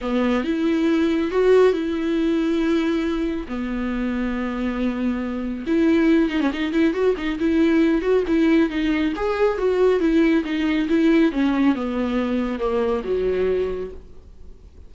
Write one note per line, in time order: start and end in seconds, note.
0.01 0.44 B3
0.44 1.31 E4
1.31 1.72 F#4
1.72 3.46 E4
3.48 5.65 B3
5.66 6.29 E4
6.29 6.40 D#4
6.40 6.51 C#4
6.52 6.72 D#4
6.72 6.93 E4
6.93 7.15 F#4
7.17 7.39 D#4
7.39 8.01 E4
8.01 8.23 F#4
8.27 8.69 E4
8.69 9.13 D#4
9.16 9.58 G#4
9.58 10.00 F#4
10.00 10.43 E4
10.44 10.87 D#4
10.88 11.32 E4
11.32 11.75 C#4
11.75 12.59 B3
12.59 13.02 A#3
13.04 13.91 F#3